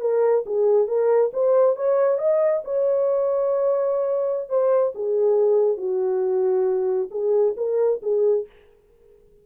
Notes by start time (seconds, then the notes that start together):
0.00 A#4
0.46 G#4
0.87 A#4
1.33 C5
1.76 C#5
2.18 D#5
2.64 C#5
4.49 C5
4.94 G#4
5.77 F#4
7.10 G#4
7.56 A#4
8.02 G#4